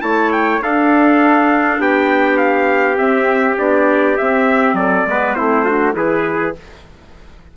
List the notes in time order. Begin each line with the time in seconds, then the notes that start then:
0.00 A3 E4 C#5 A5
0.32 G5
0.60 D4 A4 F5
1.79 B3 G4 G5
2.37 F5
2.95 C4 E5
3.57 B3 D4 D5
4.17 C4 E5
4.73 F#3 A4 D5
5.06 G#3 B3 B4
5.34 A3 C4 E4 C5
5.65 D4 F#4
5.92 E3 E4 G#4 B4